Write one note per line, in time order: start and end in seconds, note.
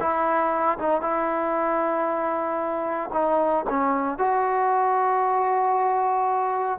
0.00 0.78 E4
0.78 1.02 D#4
1.02 3.10 E4
3.13 3.65 D#4
3.69 4.18 C#4
4.18 6.79 F#4